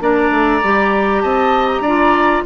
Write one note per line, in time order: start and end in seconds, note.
0.00 0.30 A#3
0.00 0.61 D4
0.00 1.22 D5
0.00 1.21 A#5
0.30 0.61 A3
0.63 1.23 G3
0.63 1.85 G4
1.21 1.80 C4
1.21 1.82 D#5
1.21 1.66 A5
1.66 2.43 A#5
1.80 2.41 D4
1.80 2.43 D5
1.86 2.46 F4